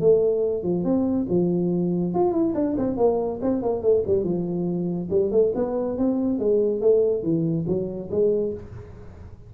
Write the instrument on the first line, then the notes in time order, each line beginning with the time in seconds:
tuba
0.00 A3
0.62 F3
0.84 C4
1.29 F3
2.14 F4
2.32 E4
2.54 D4
2.77 C4
2.97 A#3
3.41 C4
3.62 A#3
3.82 A3
4.06 G3
4.23 F3
5.10 G3
5.31 A3
5.55 B3
5.97 C4
6.39 G#3
6.81 A3
7.22 E3
7.67 F#3
8.11 G#3